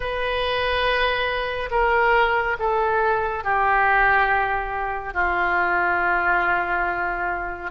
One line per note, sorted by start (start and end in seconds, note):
0.00 1.69 B4
1.71 2.56 A#4
2.59 3.44 A4
3.44 5.14 G4
5.14 7.71 F4